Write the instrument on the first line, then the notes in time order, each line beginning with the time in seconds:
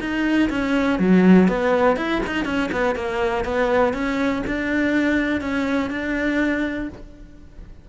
cello
0.00 D#4
0.49 C#4
0.99 F#3
1.48 B3
1.96 E4
2.27 D#4
2.45 C#4
2.72 B3
2.95 A#3
3.44 B3
3.93 C#4
4.46 D4
5.41 C#4
5.90 D4